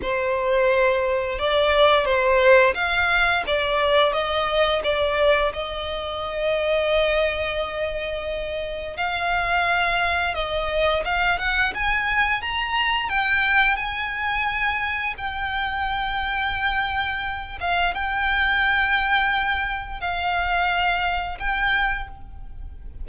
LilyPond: \new Staff \with { instrumentName = "violin" } { \time 4/4 \tempo 4 = 87 c''2 d''4 c''4 | f''4 d''4 dis''4 d''4 | dis''1~ | dis''4 f''2 dis''4 |
f''8 fis''8 gis''4 ais''4 g''4 | gis''2 g''2~ | g''4. f''8 g''2~ | g''4 f''2 g''4 | }